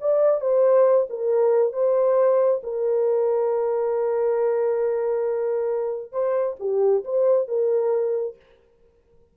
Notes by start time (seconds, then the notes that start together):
0.00 D5
0.41 C5
1.09 A#4
1.73 C5
2.63 A#4
6.12 C5
6.60 G4
7.04 C5
7.48 A#4